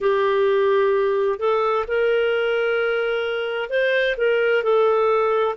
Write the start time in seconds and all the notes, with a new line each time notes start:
0.00 G4
1.38 A4
1.87 A#4
3.69 C5
4.17 A#4
4.63 A4